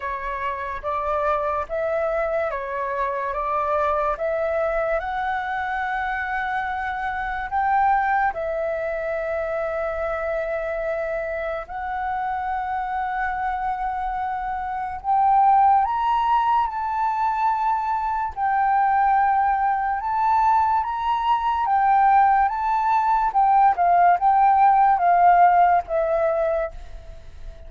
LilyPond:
\new Staff \with { instrumentName = "flute" } { \time 4/4 \tempo 4 = 72 cis''4 d''4 e''4 cis''4 | d''4 e''4 fis''2~ | fis''4 g''4 e''2~ | e''2 fis''2~ |
fis''2 g''4 ais''4 | a''2 g''2 | a''4 ais''4 g''4 a''4 | g''8 f''8 g''4 f''4 e''4 | }